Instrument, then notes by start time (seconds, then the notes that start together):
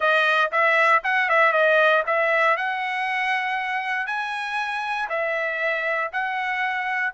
trumpet
0.00 D#5
0.51 E5
1.03 F#5
1.29 E5
1.52 D#5
2.06 E5
2.56 F#5
4.06 G#5
5.09 E5
6.12 F#5